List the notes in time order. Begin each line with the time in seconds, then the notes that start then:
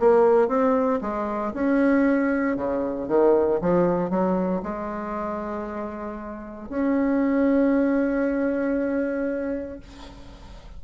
0.00 A#3
0.48 C4
1.02 G#3
1.54 C#4
2.57 C#3
3.08 D#3
3.61 F3
4.10 F#3
4.63 G#3
6.70 C#4